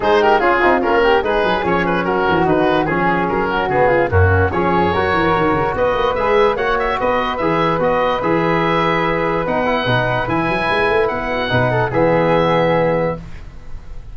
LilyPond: <<
  \new Staff \with { instrumentName = "oboe" } { \time 4/4 \tempo 4 = 146 c''8 ais'8 gis'4 ais'4 b'4 | cis''8 b'8 ais'4 b'4 gis'4 | ais'4 gis'4 fis'4 cis''4~ | cis''2 dis''4 e''4 |
fis''8 e''8 dis''4 e''4 dis''4 | e''2. fis''4~ | fis''4 gis''2 fis''4~ | fis''4 e''2. | }
  \new Staff \with { instrumentName = "flute" } { \time 4/4 gis'8 g'8 f'4. g'8 gis'4~ | gis'4 fis'2 gis'4~ | gis'8 fis'4 f'8 cis'4 gis'4 | ais'2 b'2 |
cis''4 b'2.~ | b'1~ | b'2.~ b'8 fis'8 | b'8 a'8 gis'2. | }
  \new Staff \with { instrumentName = "trombone" } { \time 4/4 dis'4 f'8 dis'8 cis'4 dis'4 | cis'2 dis'4 cis'4~ | cis'4 b4 ais4 cis'4 | fis'2. gis'4 |
fis'2 gis'4 fis'4 | gis'2. dis'8 e'8 | dis'4 e'2. | dis'4 b2. | }
  \new Staff \with { instrumentName = "tuba" } { \time 4/4 gis4 cis'8 c'8 ais4 gis8 fis8 | f4 fis8 e8 dis4 f4 | fis4 cis4 fis,4 f4 | fis8 e8 dis8 cis8 b8 ais8 gis4 |
ais4 b4 e4 b4 | e2. b4 | b,4 e8 fis8 gis8 a8 b4 | b,4 e2. | }
>>